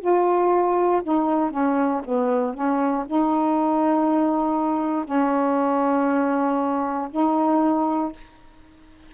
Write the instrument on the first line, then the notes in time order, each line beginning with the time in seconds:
saxophone
0.00 F4
1.03 D#4
1.50 C#4
2.04 B3
2.54 C#4
3.06 D#4
5.05 C#4
7.10 D#4